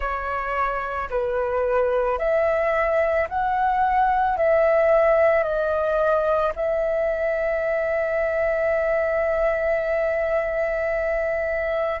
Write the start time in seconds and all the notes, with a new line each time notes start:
0.00 C#5
1.10 B4
2.18 E5
3.28 F#5
4.37 E5
5.42 D#5
6.55 E5